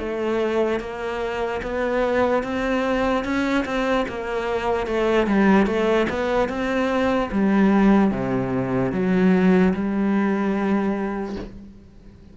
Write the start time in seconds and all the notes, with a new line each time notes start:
0.00 A3
0.81 A#3
1.63 B3
2.44 C4
3.25 C#4
3.66 C4
4.09 A#3
4.87 A3
5.27 G3
5.67 A3
6.10 B3
6.49 C4
7.32 G3
8.12 C3
8.93 F#3
9.74 G3